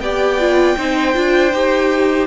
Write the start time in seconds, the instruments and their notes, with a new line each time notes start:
0.00 cello B3, viola G4, violin D5 G5
0.39 viola F4
0.77 cello C4, viola D#4, violin C5
1.14 cello D4, viola F4
1.54 cello D#4, viola G4